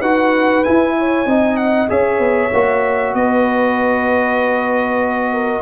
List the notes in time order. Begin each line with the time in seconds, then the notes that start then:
0.00 D#4 F#4 B4 F#5
0.64 E4 G#5
0.98 C#5
1.26 C4 D#4 D#5
1.57 F#5
1.88 C#4 G#4 C#5 E5
2.19 B3
2.53 A#3 F#4
3.14 B3 B4 D#5
5.32 A#4